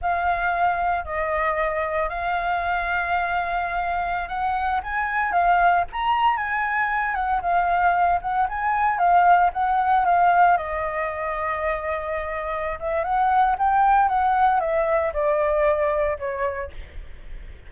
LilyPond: \new Staff \with { instrumentName = "flute" } { \time 4/4 \tempo 4 = 115 f''2 dis''2 | f''1~ | f''16 fis''4 gis''4 f''4 ais''8.~ | ais''16 gis''4. fis''8 f''4. fis''16~ |
fis''16 gis''4 f''4 fis''4 f''8.~ | f''16 dis''2.~ dis''8.~ | dis''8 e''8 fis''4 g''4 fis''4 | e''4 d''2 cis''4 | }